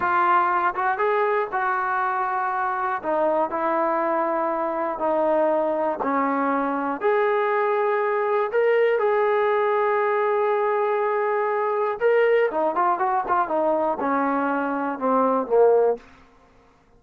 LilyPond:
\new Staff \with { instrumentName = "trombone" } { \time 4/4 \tempo 4 = 120 f'4. fis'8 gis'4 fis'4~ | fis'2 dis'4 e'4~ | e'2 dis'2 | cis'2 gis'2~ |
gis'4 ais'4 gis'2~ | gis'1 | ais'4 dis'8 f'8 fis'8 f'8 dis'4 | cis'2 c'4 ais4 | }